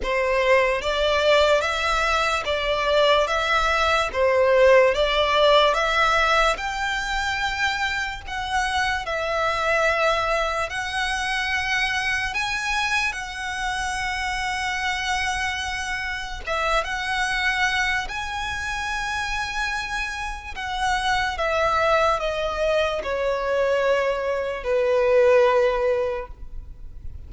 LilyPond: \new Staff \with { instrumentName = "violin" } { \time 4/4 \tempo 4 = 73 c''4 d''4 e''4 d''4 | e''4 c''4 d''4 e''4 | g''2 fis''4 e''4~ | e''4 fis''2 gis''4 |
fis''1 | e''8 fis''4. gis''2~ | gis''4 fis''4 e''4 dis''4 | cis''2 b'2 | }